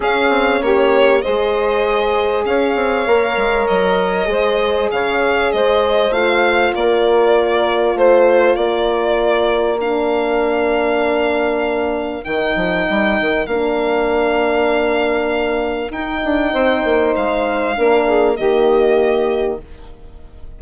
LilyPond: <<
  \new Staff \with { instrumentName = "violin" } { \time 4/4 \tempo 4 = 98 f''4 cis''4 dis''2 | f''2 dis''2 | f''4 dis''4 f''4 d''4~ | d''4 c''4 d''2 |
f''1 | g''2 f''2~ | f''2 g''2 | f''2 dis''2 | }
  \new Staff \with { instrumentName = "saxophone" } { \time 4/4 gis'4 g'4 c''2 | cis''2. c''4 | cis''4 c''2 ais'4~ | ais'4 c''4 ais'2~ |
ais'1~ | ais'1~ | ais'2. c''4~ | c''4 ais'8 gis'8 g'2 | }
  \new Staff \with { instrumentName = "horn" } { \time 4/4 cis'2 gis'2~ | gis'4 ais'2 gis'4~ | gis'2 f'2~ | f'1 |
d'1 | dis'2 d'2~ | d'2 dis'2~ | dis'4 d'4 ais2 | }
  \new Staff \with { instrumentName = "bassoon" } { \time 4/4 cis'8 c'8 ais4 gis2 | cis'8 c'8 ais8 gis8 fis4 gis4 | cis4 gis4 a4 ais4~ | ais4 a4 ais2~ |
ais1 | dis8 f8 g8 dis8 ais2~ | ais2 dis'8 d'8 c'8 ais8 | gis4 ais4 dis2 | }
>>